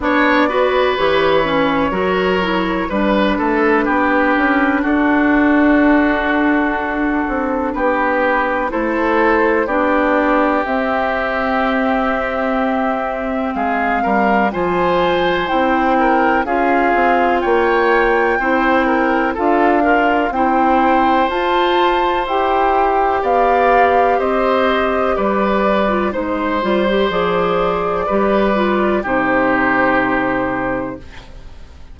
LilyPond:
<<
  \new Staff \with { instrumentName = "flute" } { \time 4/4 \tempo 4 = 62 d''4 cis''2 b'4~ | b'4 a'2. | b'4 c''4 d''4 e''4~ | e''2 f''4 gis''4 |
g''4 f''4 g''2 | f''4 g''4 a''4 g''4 | f''4 dis''4 d''4 c''4 | d''2 c''2 | }
  \new Staff \with { instrumentName = "oboe" } { \time 4/4 cis''8 b'4. ais'4 b'8 a'8 | g'4 fis'2. | g'4 a'4 g'2~ | g'2 gis'8 ais'8 c''4~ |
c''8 ais'8 gis'4 cis''4 c''8 ais'8 | a'8 f'8 c''2. | d''4 c''4 b'4 c''4~ | c''4 b'4 g'2 | }
  \new Staff \with { instrumentName = "clarinet" } { \time 4/4 d'8 fis'8 g'8 cis'8 fis'8 e'8 d'4~ | d'1~ | d'4 e'4 d'4 c'4~ | c'2. f'4 |
e'4 f'2 e'4 | f'8 ais'8 e'4 f'4 g'4~ | g'2~ g'8. f'16 dis'8 f'16 g'16 | gis'4 g'8 f'8 dis'2 | }
  \new Staff \with { instrumentName = "bassoon" } { \time 4/4 b4 e4 fis4 g8 a8 | b8 cis'8 d'2~ d'8 c'8 | b4 a4 b4 c'4~ | c'2 gis8 g8 f4 |
c'4 cis'8 c'8 ais4 c'4 | d'4 c'4 f'4 e'4 | b4 c'4 g4 gis8 g8 | f4 g4 c2 | }
>>